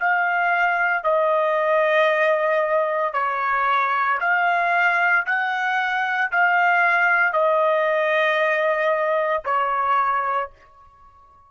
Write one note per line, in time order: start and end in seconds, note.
0.00 1.04 F5
1.04 3.14 D#5
3.14 4.19 C#5
4.21 5.26 F5
5.26 6.32 F#5
6.32 7.33 F5
7.33 9.44 D#5
9.45 10.51 C#5